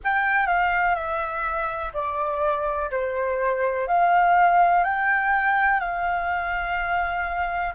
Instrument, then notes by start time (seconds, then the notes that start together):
flute
0.04 G5
0.46 F5
0.95 E5
1.93 D5
2.90 C5
3.87 F5
4.84 G5
5.80 F5